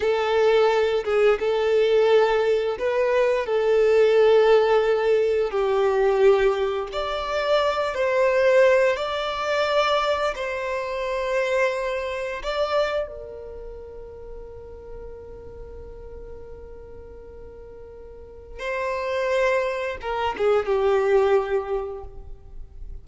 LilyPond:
\new Staff \with { instrumentName = "violin" } { \time 4/4 \tempo 4 = 87 a'4. gis'8 a'2 | b'4 a'2. | g'2 d''4. c''8~ | c''4 d''2 c''4~ |
c''2 d''4 ais'4~ | ais'1~ | ais'2. c''4~ | c''4 ais'8 gis'8 g'2 | }